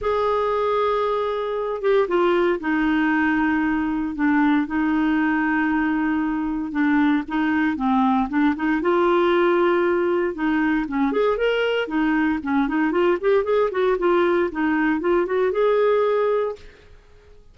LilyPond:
\new Staff \with { instrumentName = "clarinet" } { \time 4/4 \tempo 4 = 116 gis'2.~ gis'8 g'8 | f'4 dis'2. | d'4 dis'2.~ | dis'4 d'4 dis'4 c'4 |
d'8 dis'8 f'2. | dis'4 cis'8 gis'8 ais'4 dis'4 | cis'8 dis'8 f'8 g'8 gis'8 fis'8 f'4 | dis'4 f'8 fis'8 gis'2 | }